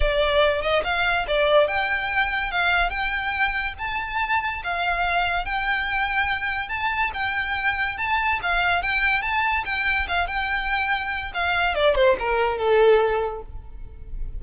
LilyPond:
\new Staff \with { instrumentName = "violin" } { \time 4/4 \tempo 4 = 143 d''4. dis''8 f''4 d''4 | g''2 f''4 g''4~ | g''4 a''2 f''4~ | f''4 g''2. |
a''4 g''2 a''4 | f''4 g''4 a''4 g''4 | f''8 g''2~ g''8 f''4 | d''8 c''8 ais'4 a'2 | }